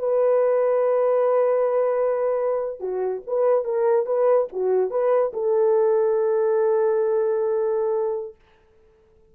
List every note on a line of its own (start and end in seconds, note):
0.00 2.80 B4
2.80 3.22 F#4
3.27 3.65 B4
3.65 4.06 A#4
4.07 4.48 B4
4.53 4.91 F#4
4.91 5.33 B4
5.34 8.36 A4